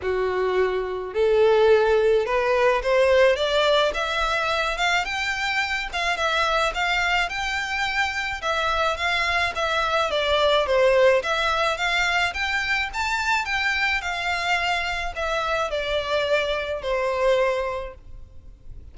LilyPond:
\new Staff \with { instrumentName = "violin" } { \time 4/4 \tempo 4 = 107 fis'2 a'2 | b'4 c''4 d''4 e''4~ | e''8 f''8 g''4. f''8 e''4 | f''4 g''2 e''4 |
f''4 e''4 d''4 c''4 | e''4 f''4 g''4 a''4 | g''4 f''2 e''4 | d''2 c''2 | }